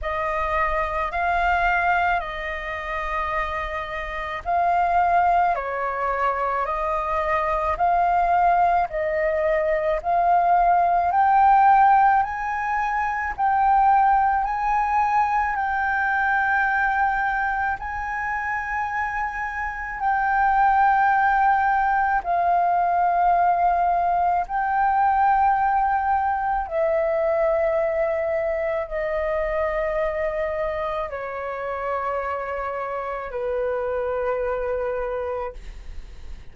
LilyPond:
\new Staff \with { instrumentName = "flute" } { \time 4/4 \tempo 4 = 54 dis''4 f''4 dis''2 | f''4 cis''4 dis''4 f''4 | dis''4 f''4 g''4 gis''4 | g''4 gis''4 g''2 |
gis''2 g''2 | f''2 g''2 | e''2 dis''2 | cis''2 b'2 | }